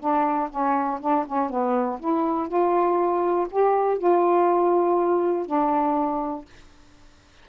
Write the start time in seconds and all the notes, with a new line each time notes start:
0.00 D4
0.50 C#4
1.01 D4
1.27 C#4
1.50 B3
2.00 E4
2.49 F4
3.50 G4
3.98 F4
5.46 D4